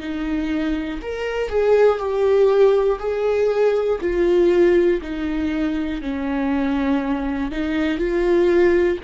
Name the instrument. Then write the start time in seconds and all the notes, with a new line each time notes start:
viola
0.00 D#4
1.02 A#4
1.49 G#4
1.99 G4
2.99 G#4
4.00 F4
5.02 D#4
6.01 C#4
7.51 D#4
7.98 F4